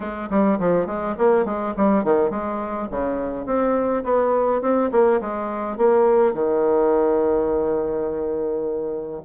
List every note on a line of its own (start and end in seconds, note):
0.00 0.29 G#3
0.30 0.58 G3
0.59 0.86 F3
0.86 1.15 G#3
1.17 1.45 A#3
1.45 1.74 G#3
1.76 2.03 G3
2.03 2.30 D#3
2.30 2.87 G#3
2.90 3.46 C#3
3.46 4.03 C4
4.04 4.61 B3
4.61 4.90 C4
4.91 5.20 A#3
5.21 5.77 G#3
5.77 6.33 A#3
6.33 9.22 D#3